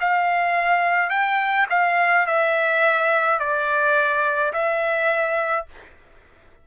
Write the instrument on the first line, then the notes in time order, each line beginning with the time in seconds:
trumpet
0.00 F5
1.10 G5
1.70 F5
2.26 E5
3.40 D5
4.53 E5